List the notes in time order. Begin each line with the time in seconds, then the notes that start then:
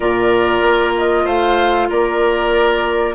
0.00 A#2 F4 A#4 D5
0.62 A#3
0.97 D#5
1.24 A3 C5 F5
1.89 A#3 A#4 D5